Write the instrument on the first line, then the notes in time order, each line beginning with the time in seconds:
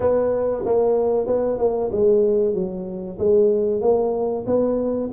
tuba
0.00 B3
0.65 A#3
1.26 B3
1.58 A#3
1.92 G#3
2.54 F#3
3.18 G#3
3.81 A#3
4.46 B3